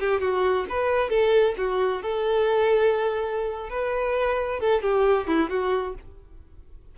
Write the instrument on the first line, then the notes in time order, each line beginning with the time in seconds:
violin
0.00 G4
0.21 F#4
0.70 B4
1.10 A4
1.58 F#4
2.03 A4
3.70 B4
4.61 A4
4.82 G4
5.28 E4
5.50 F#4